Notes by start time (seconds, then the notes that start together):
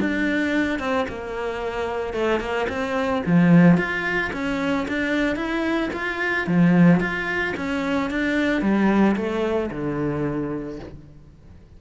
0.00 D4
0.79 C4
1.09 A#3
2.14 A3
2.40 A#3
2.69 C4
3.26 F3
3.77 F4
4.33 C#4
4.88 D4
5.36 E4
5.93 F4
6.47 F3
7.00 F4
7.57 C#4
8.10 D4
8.61 G3
9.16 A3
9.71 D3